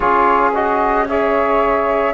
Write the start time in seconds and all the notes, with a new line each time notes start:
0.00 C#4 F4 G#4 C#5
0.54 F#4 D#5
1.08 G#4 C#5 E5